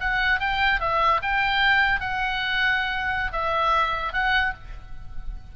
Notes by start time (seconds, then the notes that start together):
0.00 F#5
0.39 G5
0.80 E5
1.22 G5
2.00 F#5
3.32 E5
4.13 F#5